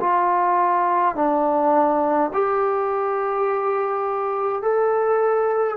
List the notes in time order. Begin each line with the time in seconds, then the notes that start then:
0.00 F4
1.15 D4
2.33 G4
4.62 A4